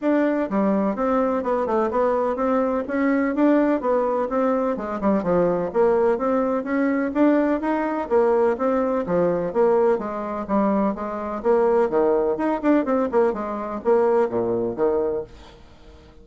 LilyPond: \new Staff \with { instrumentName = "bassoon" } { \time 4/4 \tempo 4 = 126 d'4 g4 c'4 b8 a8 | b4 c'4 cis'4 d'4 | b4 c'4 gis8 g8 f4 | ais4 c'4 cis'4 d'4 |
dis'4 ais4 c'4 f4 | ais4 gis4 g4 gis4 | ais4 dis4 dis'8 d'8 c'8 ais8 | gis4 ais4 ais,4 dis4 | }